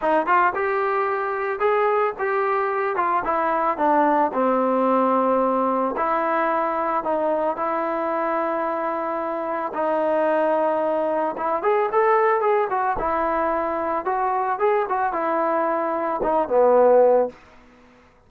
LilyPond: \new Staff \with { instrumentName = "trombone" } { \time 4/4 \tempo 4 = 111 dis'8 f'8 g'2 gis'4 | g'4. f'8 e'4 d'4 | c'2. e'4~ | e'4 dis'4 e'2~ |
e'2 dis'2~ | dis'4 e'8 gis'8 a'4 gis'8 fis'8 | e'2 fis'4 gis'8 fis'8 | e'2 dis'8 b4. | }